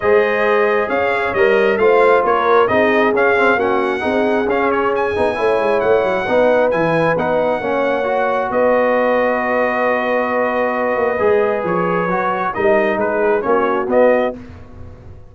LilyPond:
<<
  \new Staff \with { instrumentName = "trumpet" } { \time 4/4 \tempo 4 = 134 dis''2 f''4 dis''4 | f''4 cis''4 dis''4 f''4 | fis''2 f''8 cis''8 gis''4~ | gis''4 fis''2 gis''4 |
fis''2. dis''4~ | dis''1~ | dis''2 cis''2 | dis''4 b'4 cis''4 dis''4 | }
  \new Staff \with { instrumentName = "horn" } { \time 4/4 c''2 cis''2 | c''4 ais'4 gis'2 | fis'4 gis'2. | cis''2 b'2~ |
b'4 cis''2 b'4~ | b'1~ | b'1 | ais'4 gis'4 fis'2 | }
  \new Staff \with { instrumentName = "trombone" } { \time 4/4 gis'2. ais'4 | f'2 dis'4 cis'8 c'8 | cis'4 dis'4 cis'4. dis'8 | e'2 dis'4 e'4 |
dis'4 cis'4 fis'2~ | fis'1~ | fis'4 gis'2 fis'4 | dis'2 cis'4 b4 | }
  \new Staff \with { instrumentName = "tuba" } { \time 4/4 gis2 cis'4 g4 | a4 ais4 c'4 cis'4 | ais4 c'4 cis'4. b8 | a8 gis8 a8 fis8 b4 e4 |
b4 ais2 b4~ | b1~ | b8 ais8 gis4 f4 fis4 | g4 gis4 ais4 b4 | }
>>